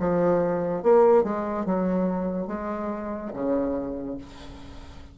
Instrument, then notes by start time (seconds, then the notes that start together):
bassoon
0.00 F3
0.83 A#3
1.24 G#3
1.66 F#3
2.48 G#3
3.33 C#3